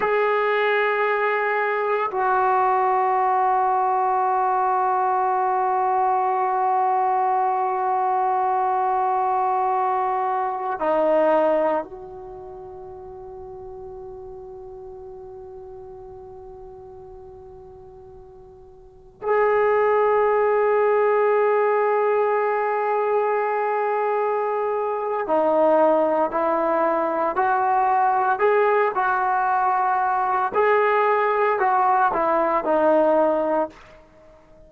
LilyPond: \new Staff \with { instrumentName = "trombone" } { \time 4/4 \tempo 4 = 57 gis'2 fis'2~ | fis'1~ | fis'2~ fis'16 dis'4 fis'8.~ | fis'1~ |
fis'2~ fis'16 gis'4.~ gis'16~ | gis'1 | dis'4 e'4 fis'4 gis'8 fis'8~ | fis'4 gis'4 fis'8 e'8 dis'4 | }